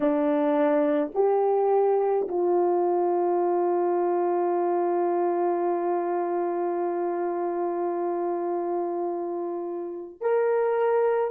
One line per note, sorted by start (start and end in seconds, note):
0.00 1.12 D4
1.14 2.27 G4
2.28 10.20 F4
10.20 11.31 A#4